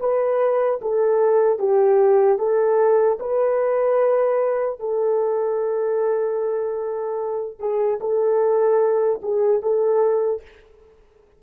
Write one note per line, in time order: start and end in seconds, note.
0.00 0.80 B4
0.81 1.59 A4
1.59 2.39 G4
2.39 3.19 A4
3.20 4.80 B4
4.80 7.59 A4
7.59 7.99 G#4
8.00 9.20 A4
9.22 9.62 G#4
9.62 10.42 A4